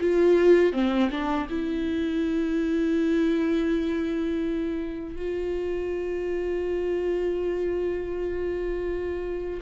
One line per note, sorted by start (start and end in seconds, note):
0.00 0.72 F4
0.72 1.09 C4
1.10 1.47 D4
1.49 5.16 E4
5.16 9.60 F4